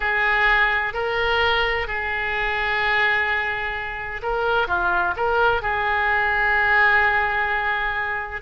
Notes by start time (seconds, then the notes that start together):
0.00 G#4
0.93 A#4
1.87 G#4
4.22 A#4
4.67 F4
5.16 A#4
5.62 G#4